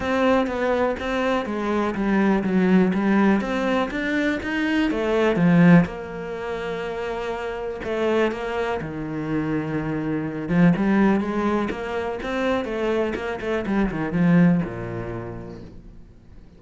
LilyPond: \new Staff \with { instrumentName = "cello" } { \time 4/4 \tempo 4 = 123 c'4 b4 c'4 gis4 | g4 fis4 g4 c'4 | d'4 dis'4 a4 f4 | ais1 |
a4 ais4 dis2~ | dis4. f8 g4 gis4 | ais4 c'4 a4 ais8 a8 | g8 dis8 f4 ais,2 | }